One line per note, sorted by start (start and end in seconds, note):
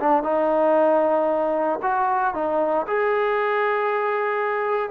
0.00 0.23 D4
0.23 1.80 D#4
1.82 2.34 F#4
2.34 2.86 D#4
2.87 4.91 G#4